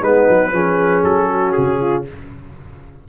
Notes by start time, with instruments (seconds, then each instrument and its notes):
0.00 tuba G#3, trombone B3, horn D#4, trumpet B4
0.29 tuba F#3
0.52 tuba F3, trombone C#4, horn G#4
1.04 tuba F#3, trumpet A4
1.30 horn F#4
1.52 tuba C#3, trumpet G#4
1.80 horn F4